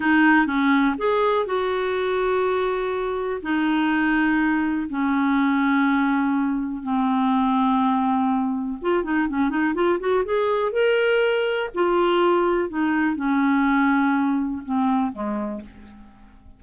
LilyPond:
\new Staff \with { instrumentName = "clarinet" } { \time 4/4 \tempo 4 = 123 dis'4 cis'4 gis'4 fis'4~ | fis'2. dis'4~ | dis'2 cis'2~ | cis'2 c'2~ |
c'2 f'8 dis'8 cis'8 dis'8 | f'8 fis'8 gis'4 ais'2 | f'2 dis'4 cis'4~ | cis'2 c'4 gis4 | }